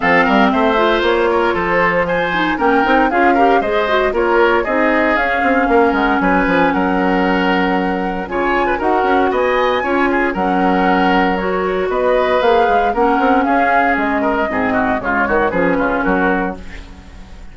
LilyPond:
<<
  \new Staff \with { instrumentName = "flute" } { \time 4/4 \tempo 4 = 116 f''4 e''4 cis''4 c''4 | gis''4 g''4 f''4 dis''4 | cis''4 dis''4 f''4. fis''8 | gis''4 fis''2. |
gis''4 fis''4 gis''2 | fis''2 cis''4 dis''4 | f''4 fis''4 f''4 dis''4~ | dis''4 cis''4 b'4 ais'4 | }
  \new Staff \with { instrumentName = "oboe" } { \time 4/4 a'8 ais'8 c''4. ais'8 a'4 | c''4 ais'4 gis'8 ais'8 c''4 | ais'4 gis'2 ais'4 | b'4 ais'2. |
cis''8. b'16 ais'4 dis''4 cis''8 gis'8 | ais'2. b'4~ | b'4 ais'4 gis'4. ais'8 | gis'8 fis'8 f'8 fis'8 gis'8 f'8 fis'4 | }
  \new Staff \with { instrumentName = "clarinet" } { \time 4/4 c'4. f'2~ f'8~ | f'8 dis'8 cis'8 dis'8 f'8 g'8 gis'8 fis'8 | f'4 dis'4 cis'2~ | cis'1 |
f'4 fis'2 f'4 | cis'2 fis'2 | gis'4 cis'2. | c'4 gis4 cis'2 | }
  \new Staff \with { instrumentName = "bassoon" } { \time 4/4 f8 g8 a4 ais4 f4~ | f4 ais8 c'8 cis'4 gis4 | ais4 c'4 cis'8 c'8 ais8 gis8 | fis8 f8 fis2. |
cis4 dis'8 cis'8 b4 cis'4 | fis2. b4 | ais8 gis8 ais8 c'8 cis'4 gis4 | gis,4 cis8 dis8 f8 cis8 fis4 | }
>>